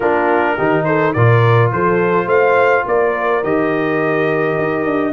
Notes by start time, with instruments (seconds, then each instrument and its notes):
0.00 tuba A#3, trombone D4, horn F4, trumpet A#4
0.56 tuba D#3, trombone D#4, horn G4
0.84 horn A4, trumpet C5
1.13 tuba A#2, trombone F4, horn A#4, trumpet D5
1.71 tuba F3, horn A4, trumpet C5
2.26 tuba A3, horn C5, trumpet F5
2.86 tuba A#3, horn A#4, trumpet D5
3.43 tuba D#3, trombone G4, trumpet D#5
4.57 tuba D#4
4.85 tuba D4